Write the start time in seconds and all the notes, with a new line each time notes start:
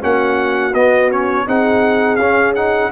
0.00 A#3 C#4 F#4 F#5
0.74 B3 D#5
1.11 C#4 C#5
1.46 C4 D#4 G#4 F#5
2.16 C#4 F5
2.55 D#4 F#5